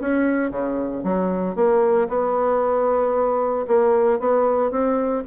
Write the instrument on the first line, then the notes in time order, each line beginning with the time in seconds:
bassoon
0.00 C#4
0.50 C#3
1.03 F#3
1.55 A#3
2.08 B3
3.67 A#3
4.19 B3
4.71 C4